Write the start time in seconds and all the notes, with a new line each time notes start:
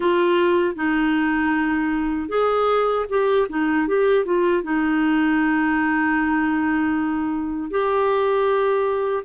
0.00 F4
0.75 D#4
2.29 G#4
3.09 G4
3.49 D#4
3.87 G4
4.25 F4
4.63 D#4
7.70 G4